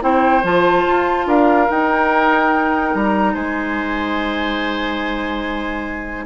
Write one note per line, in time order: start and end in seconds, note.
0.00 0.43 C4
0.00 0.42 E4
0.00 1.28 C5
0.00 0.45 G5
0.43 0.85 F3
0.43 1.68 F4
0.43 1.29 A5
0.87 1.26 F4
1.26 1.68 D4
1.26 3.34 A#4
1.26 1.70 F5
1.68 6.26 D#4
1.68 2.95 D#4
1.68 2.95 G5
2.95 3.35 G3
2.95 3.35 A#5
3.34 6.26 G#3
3.34 6.25 C5
3.34 6.26 G#5